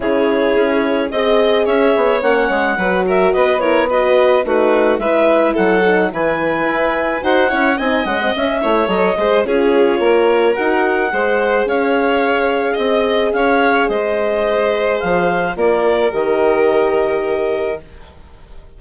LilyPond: <<
  \new Staff \with { instrumentName = "clarinet" } { \time 4/4 \tempo 4 = 108 cis''2 dis''4 e''4 | fis''4. e''8 dis''8 cis''8 dis''4 | b'4 e''4 fis''4 gis''4~ | gis''4 fis''4 gis''8 fis''8 e''4 |
dis''4 cis''2 fis''4~ | fis''4 f''2 dis''4 | f''4 dis''2 f''4 | d''4 dis''2. | }
  \new Staff \with { instrumentName = "violin" } { \time 4/4 gis'2 dis''4 cis''4~ | cis''4 b'8 ais'8 b'8 ais'8 b'4 | fis'4 b'4 a'4 b'4~ | b'4 c''8 cis''8 dis''4. cis''8~ |
cis''8 c''8 gis'4 ais'2 | c''4 cis''2 dis''4 | cis''4 c''2. | ais'1 | }
  \new Staff \with { instrumentName = "horn" } { \time 4/4 e'2 gis'2 | cis'4 fis'4. e'8 fis'4 | dis'4 e'4. dis'8 e'4~ | e'4 fis'8 e'8 dis'8 cis'16 c'16 cis'8 e'8 |
a'8 gis'8 f'2 fis'4 | gis'1~ | gis'1 | f'4 g'2. | }
  \new Staff \with { instrumentName = "bassoon" } { \time 4/4 cis4 cis'4 c'4 cis'8 b8 | ais8 gis8 fis4 b2 | a4 gis4 fis4 e4 | e'4 dis'8 cis'8 c'8 gis8 cis'8 a8 |
fis8 gis8 cis'4 ais4 dis'4 | gis4 cis'2 c'4 | cis'4 gis2 f4 | ais4 dis2. | }
>>